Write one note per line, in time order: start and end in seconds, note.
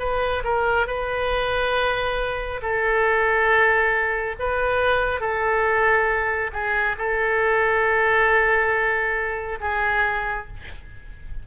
0.00 0.43 B4
0.45 0.87 A#4
0.87 2.61 B4
2.62 4.36 A4
4.40 5.21 B4
5.21 6.51 A4
6.53 6.96 G#4
6.98 9.59 A4
9.61 10.48 G#4